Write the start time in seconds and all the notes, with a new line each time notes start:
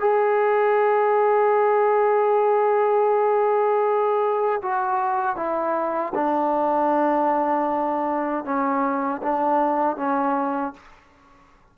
0.00 G#4
4.62 F#4
5.36 E4
6.15 D4
8.44 C#4
9.22 D4
9.96 C#4